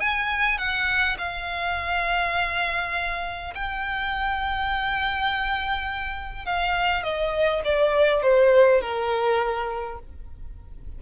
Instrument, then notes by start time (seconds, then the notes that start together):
violin
0.00 G#5
0.58 F#5
1.18 F5
3.55 G5
6.45 F5
7.03 D#5
7.64 D5
8.22 C5
8.81 A#4